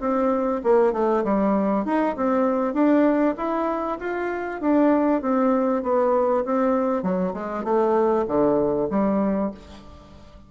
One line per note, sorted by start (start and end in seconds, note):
0.00 0.61 C4
0.64 0.93 A#3
0.93 1.24 A3
1.24 1.85 G3
1.85 2.16 D#4
2.17 2.74 C4
2.74 3.35 D4
3.38 3.99 E4
4.00 4.61 F4
4.61 5.22 D4
5.22 5.83 C4
5.83 6.45 B3
6.45 7.03 C4
7.03 7.34 F#3
7.34 7.64 G#3
7.64 8.25 A3
8.28 8.89 D3
8.90 9.51 G3